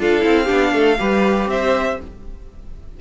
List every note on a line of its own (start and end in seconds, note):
0.00 0.25 D4
0.00 0.21 F4
0.00 0.45 A4
0.00 1.50 F5
0.21 0.50 C4
0.21 0.46 E4
0.45 0.73 B3
0.45 0.97 D4
0.45 0.70 G4
0.73 0.98 A3
0.73 0.99 A4
0.99 1.47 G3
0.99 2.00 G4
0.99 1.50 B4
1.47 1.97 C4
1.47 2.01 C5
1.47 2.01 E5